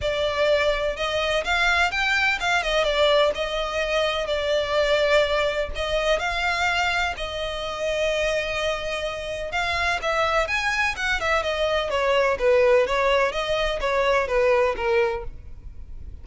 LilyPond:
\new Staff \with { instrumentName = "violin" } { \time 4/4 \tempo 4 = 126 d''2 dis''4 f''4 | g''4 f''8 dis''8 d''4 dis''4~ | dis''4 d''2. | dis''4 f''2 dis''4~ |
dis''1 | f''4 e''4 gis''4 fis''8 e''8 | dis''4 cis''4 b'4 cis''4 | dis''4 cis''4 b'4 ais'4 | }